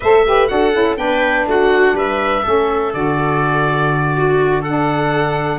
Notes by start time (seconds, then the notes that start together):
0.00 A3 A4 C5 E5
0.25 G4 B4
0.47 D4 F#4 A4 F#5
0.72 C#4 E4
0.96 B3 D4 B4 G5
1.46 A3 F#4 F#5
1.92 G3 B4 E5
2.42 A3 C#4 A4
2.93 D3 F#4 D5
4.17 F#4
4.61 D4 A4 F#5